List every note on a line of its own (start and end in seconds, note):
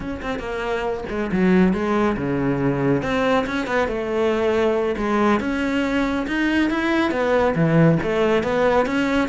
0.00 0.21 C#4
0.22 0.39 C4
0.39 1.04 A#3
1.09 1.30 G#3
1.32 1.73 F#3
1.73 2.16 G#3
2.16 3.02 C#3
3.02 3.45 C4
3.46 3.67 C#4
3.67 3.87 B3
3.87 4.95 A3
4.96 5.40 G#3
5.40 6.26 C#4
6.27 6.70 D#4
6.70 7.11 E4
7.11 7.54 B3
7.55 7.98 E3
8.02 8.43 A3
8.43 8.86 B3
8.86 9.28 C#4